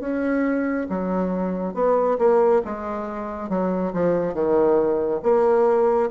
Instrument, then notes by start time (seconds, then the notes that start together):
bassoon
0.00 C#4
0.89 F#3
1.74 B3
2.19 A#3
2.65 G#3
3.49 F#3
3.93 F3
4.34 D#3
5.23 A#3